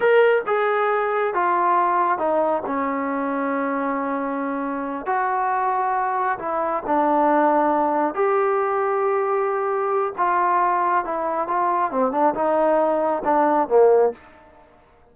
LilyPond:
\new Staff \with { instrumentName = "trombone" } { \time 4/4 \tempo 4 = 136 ais'4 gis'2 f'4~ | f'4 dis'4 cis'2~ | cis'2.~ cis'8 fis'8~ | fis'2~ fis'8 e'4 d'8~ |
d'2~ d'8 g'4.~ | g'2. f'4~ | f'4 e'4 f'4 c'8 d'8 | dis'2 d'4 ais4 | }